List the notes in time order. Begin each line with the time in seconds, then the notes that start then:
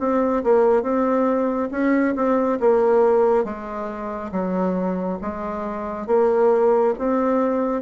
0.00 C4
0.44 A#3
0.83 C4
1.72 C#4
2.16 C4
2.60 A#3
3.45 G#3
4.32 F#3
5.22 G#3
6.08 A#3
6.99 C4